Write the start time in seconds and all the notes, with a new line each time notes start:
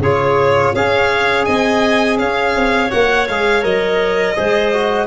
0.00 C#3 F4 G#4 C#5
0.75 C#4 G#4 C#5 F5
1.45 C4 D#5 G#5
2.19 C#4 C#5 F5
2.56 C4
2.91 A#3 F#4 F#5
3.29 G#3 G#4 F5
3.62 F#3 A#4 D#5
4.37 G#3 G#4 C5
4.73 F#4